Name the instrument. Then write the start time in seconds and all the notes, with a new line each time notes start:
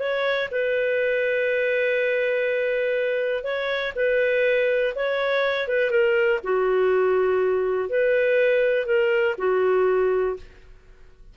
clarinet
0.00 C#5
0.52 B4
3.44 C#5
3.96 B4
4.96 C#5
5.68 B4
5.91 A#4
6.44 F#4
7.90 B4
8.86 A#4
9.38 F#4